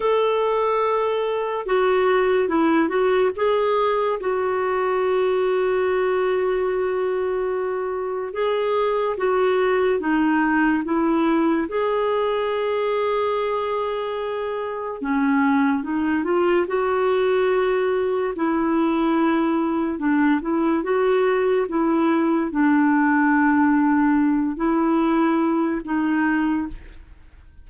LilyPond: \new Staff \with { instrumentName = "clarinet" } { \time 4/4 \tempo 4 = 72 a'2 fis'4 e'8 fis'8 | gis'4 fis'2.~ | fis'2 gis'4 fis'4 | dis'4 e'4 gis'2~ |
gis'2 cis'4 dis'8 f'8 | fis'2 e'2 | d'8 e'8 fis'4 e'4 d'4~ | d'4. e'4. dis'4 | }